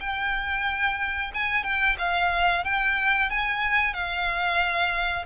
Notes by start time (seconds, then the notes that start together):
0.00 G5
1.35 G#5
1.64 G5
1.99 F5
2.65 G5
3.30 G#5
3.94 F5